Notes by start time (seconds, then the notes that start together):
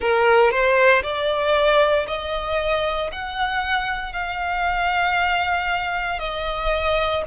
0.00 A#4
0.50 C5
1.03 D5
2.07 D#5
3.12 F#5
4.12 F5
6.19 D#5